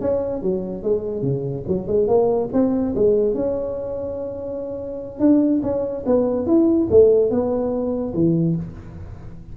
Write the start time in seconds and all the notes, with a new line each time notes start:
0.00 C#4
0.42 F#3
0.82 G#3
1.22 C#3
1.67 F#3
1.87 G#3
2.07 A#3
2.52 C4
2.95 G#3
3.34 C#4
5.19 D4
5.62 C#4
6.06 B3
6.46 E4
6.90 A3
7.30 B3
8.14 E3